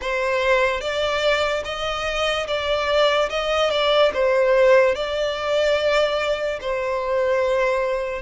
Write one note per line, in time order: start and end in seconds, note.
0.01 0.80 C5
0.80 1.63 D5
1.64 2.47 D#5
2.47 3.29 D5
3.29 3.70 D#5
3.70 4.11 D5
4.13 4.95 C5
4.95 6.59 D5
6.61 8.22 C5